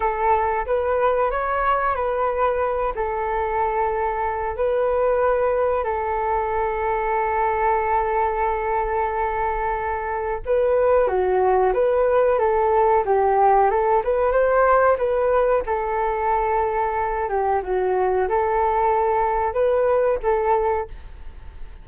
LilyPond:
\new Staff \with { instrumentName = "flute" } { \time 4/4 \tempo 4 = 92 a'4 b'4 cis''4 b'4~ | b'8 a'2~ a'8 b'4~ | b'4 a'2.~ | a'1 |
b'4 fis'4 b'4 a'4 | g'4 a'8 b'8 c''4 b'4 | a'2~ a'8 g'8 fis'4 | a'2 b'4 a'4 | }